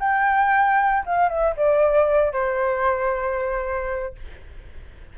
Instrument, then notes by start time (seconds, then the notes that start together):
flute
0.00 G5
1.06 F5
1.29 E5
1.57 D5
2.33 C5